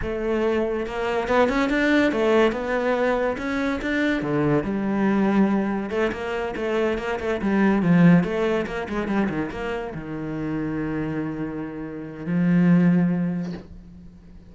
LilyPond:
\new Staff \with { instrumentName = "cello" } { \time 4/4 \tempo 4 = 142 a2 ais4 b8 cis'8 | d'4 a4 b2 | cis'4 d'4 d4 g4~ | g2 a8 ais4 a8~ |
a8 ais8 a8 g4 f4 a8~ | a8 ais8 gis8 g8 dis8 ais4 dis8~ | dis1~ | dis4 f2. | }